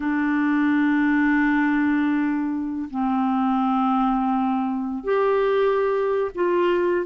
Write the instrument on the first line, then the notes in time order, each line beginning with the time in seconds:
clarinet
0.00 D4
2.90 C4
5.04 G4
6.35 F4